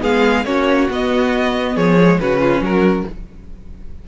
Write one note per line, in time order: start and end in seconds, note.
0.00 0.45 G#3
0.00 0.43 B3
0.00 0.45 G#4
0.00 0.45 F5
0.45 0.89 A#3
0.45 0.89 C#4
0.45 1.75 F#4
0.45 0.88 C#5
0.90 1.76 B3
0.90 2.00 B3
0.90 1.77 D#5
1.75 2.20 F3
1.75 2.18 G#4
1.75 2.19 C#5
2.00 2.20 G#3
2.19 2.60 C#3
2.19 3.07 C#4
2.19 2.40 F#4
2.19 2.63 B4
2.40 2.62 F4
2.60 3.04 F#3
2.60 3.06 F#4
2.60 3.08 A#4